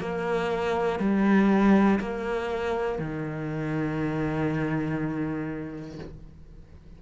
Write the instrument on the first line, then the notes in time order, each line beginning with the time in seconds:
cello
0.00 A#3
1.00 G3
2.00 A#3
2.99 D#3